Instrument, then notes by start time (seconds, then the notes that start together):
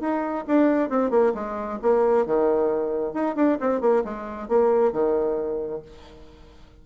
bassoon
0.00 D#4
0.47 D4
0.90 C4
1.11 A#3
1.34 G#3
1.82 A#3
2.26 D#3
3.13 D#4
3.36 D4
3.60 C4
3.81 A#3
4.04 G#3
4.48 A#3
4.92 D#3